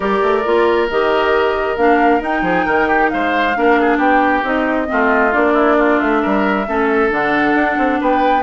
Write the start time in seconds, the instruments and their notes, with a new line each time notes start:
0.00 bassoon G3, clarinet G4, oboe A#4, flute D5
0.22 bassoon A3
0.44 bassoon A#3, clarinet F4
0.89 bassoon D#3, clarinet G4, flute D#5
1.76 bassoon A#3, clarinet D4, flute F5
2.20 clarinet D#4, bassoon D#4, flute G5
2.42 bassoon F3, oboe G#4
2.65 bassoon D#3, oboe A#4
2.87 oboe G4
3.09 bassoon G#3, oboe C5, flute F5
3.55 bassoon A#3, clarinet D4, oboe A#4
3.80 oboe G#4
3.97 bassoon B3, oboe G4, flute G5
4.43 bassoon C4, clarinet D#4, flute D#5
4.86 bassoon A3, clarinet C4, oboe F4
5.32 bassoon A#3, clarinet D4, flute D5
5.53 oboe E4
5.78 oboe F4
5.99 bassoon A3, flute E5
6.21 bassoon G3, oboe A#4
6.67 bassoon A3, clarinet C#4, oboe A4
7.09 bassoon D3, clarinet D4, flute F#5
7.54 bassoon D4
7.78 bassoon C4
8.00 bassoon B3, oboe B4, flute G5